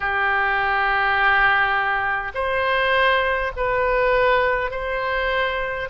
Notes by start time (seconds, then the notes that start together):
0.00 G4
2.34 C5
3.56 B4
4.71 C5